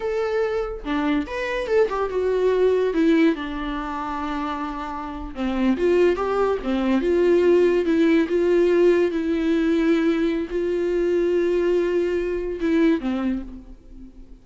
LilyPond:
\new Staff \with { instrumentName = "viola" } { \time 4/4 \tempo 4 = 143 a'2 d'4 b'4 | a'8 g'8 fis'2 e'4 | d'1~ | d'8. c'4 f'4 g'4 c'16~ |
c'8. f'2 e'4 f'16~ | f'4.~ f'16 e'2~ e'16~ | e'4 f'2.~ | f'2 e'4 c'4 | }